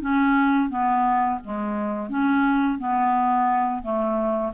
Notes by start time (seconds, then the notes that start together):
0.00 C#4
0.69 B3
1.44 G#3
2.09 C#4
2.78 B3
3.82 A3